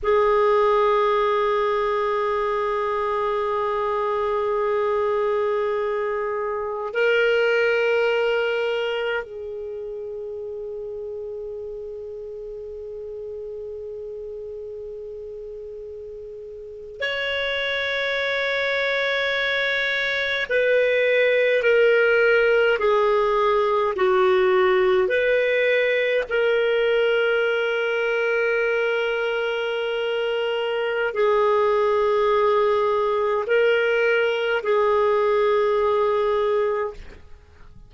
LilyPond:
\new Staff \with { instrumentName = "clarinet" } { \time 4/4 \tempo 4 = 52 gis'1~ | gis'2 ais'2 | gis'1~ | gis'2~ gis'8. cis''4~ cis''16~ |
cis''4.~ cis''16 b'4 ais'4 gis'16~ | gis'8. fis'4 b'4 ais'4~ ais'16~ | ais'2. gis'4~ | gis'4 ais'4 gis'2 | }